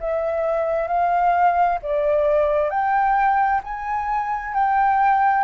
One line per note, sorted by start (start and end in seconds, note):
0.00 0.87 E5
0.87 1.78 F5
1.82 2.70 D5
2.70 3.61 G5
3.63 4.54 G#5
4.54 5.43 G5